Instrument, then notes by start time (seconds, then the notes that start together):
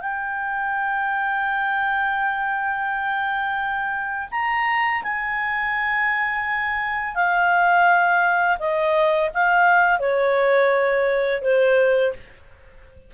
clarinet
0.00 G5
4.31 A#5
5.03 G#5
7.15 F5
8.59 D#5
9.33 F5
9.99 C#5
11.42 C5